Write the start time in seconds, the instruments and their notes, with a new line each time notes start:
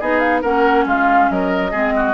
0.00 bassoon B3, clarinet D#4, oboe G#4, flute D#5
0.19 flute F5
0.42 bassoon A#3, clarinet C#4, oboe A#4, flute F#5
0.86 bassoon G#3, oboe F4, flute F5
1.30 bassoon F#3, oboe A#4, flute D#5
1.71 bassoon G#3, clarinet C4, oboe G#4
1.96 oboe F#4